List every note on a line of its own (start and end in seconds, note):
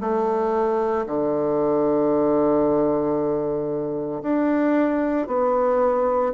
0.00 1.05 A3
1.06 4.22 D3
4.22 5.27 D4
5.27 6.32 B3